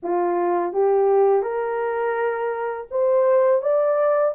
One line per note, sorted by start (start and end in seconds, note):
0.02 0.73 F4
0.73 1.42 G4
1.42 2.87 A#4
2.90 3.62 C5
3.62 4.34 D5